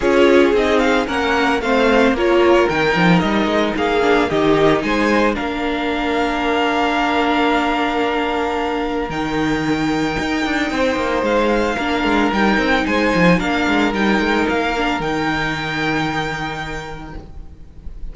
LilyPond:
<<
  \new Staff \with { instrumentName = "violin" } { \time 4/4 \tempo 4 = 112 cis''4 dis''8 f''8 fis''4 f''4 | cis''4 g''4 dis''4 f''4 | dis''4 gis''4 f''2~ | f''1~ |
f''4 g''2.~ | g''4 f''2 g''4 | gis''4 f''4 g''4 f''4 | g''1 | }
  \new Staff \with { instrumentName = "violin" } { \time 4/4 gis'2 ais'4 c''4 | ais'2. gis'4 | g'4 c''4 ais'2~ | ais'1~ |
ais'1 | c''2 ais'2 | c''4 ais'2.~ | ais'1 | }
  \new Staff \with { instrumentName = "viola" } { \time 4/4 f'4 dis'4 cis'4 c'4 | f'4 dis'2~ dis'8 d'8 | dis'2 d'2~ | d'1~ |
d'4 dis'2.~ | dis'2 d'4 dis'4~ | dis'4 d'4 dis'4. d'8 | dis'1 | }
  \new Staff \with { instrumentName = "cello" } { \time 4/4 cis'4 c'4 ais4 a4 | ais4 dis8 f8 g8 gis8 ais4 | dis4 gis4 ais2~ | ais1~ |
ais4 dis2 dis'8 d'8 | c'8 ais8 gis4 ais8 gis8 g8 c'8 | gis8 f8 ais8 gis8 g8 gis8 ais4 | dis1 | }
>>